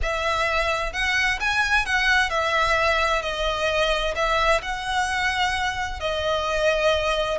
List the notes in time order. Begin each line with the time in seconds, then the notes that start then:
0.02 E5
0.93 F#5
1.40 G#5
1.85 F#5
2.30 E5
3.22 D#5
4.15 E5
4.62 F#5
6.00 D#5